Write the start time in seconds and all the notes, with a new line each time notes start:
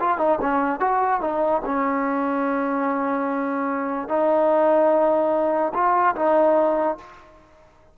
0.00 F4
0.18 D#4
0.41 C#4
0.80 F#4
1.21 D#4
1.65 C#4
4.08 D#4
5.74 F4
6.15 D#4